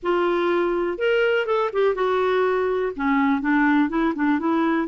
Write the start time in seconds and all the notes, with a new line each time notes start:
0.02 F4
0.98 A#4
1.45 A4
1.72 G4
1.94 F#4
2.96 C#4
3.41 D4
3.89 E4
4.15 D4
4.39 E4